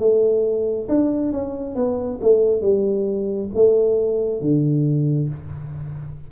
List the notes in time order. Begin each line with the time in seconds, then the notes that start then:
0.00 A3
0.89 D4
1.33 C#4
1.76 B3
2.22 A3
2.62 G3
3.55 A3
4.41 D3